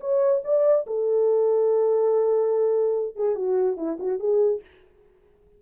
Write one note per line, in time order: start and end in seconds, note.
0.00 0.42 C#5
0.44 0.86 D5
0.86 3.16 A4
3.16 3.35 G#4
3.35 3.77 F#4
3.77 3.98 E4
3.99 4.19 F#4
4.19 4.61 G#4